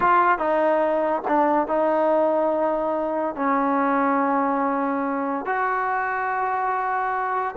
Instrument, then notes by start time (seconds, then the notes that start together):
trombone
0.00 F4
0.38 D#4
1.27 D4
1.67 D#4
3.35 C#4
5.45 F#4